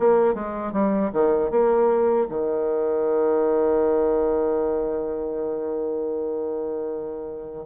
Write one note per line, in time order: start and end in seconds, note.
0.00 0.35 A#3
0.35 0.73 G#3
0.73 1.11 G3
1.13 1.51 D#3
1.51 2.28 A#3
2.29 7.66 D#3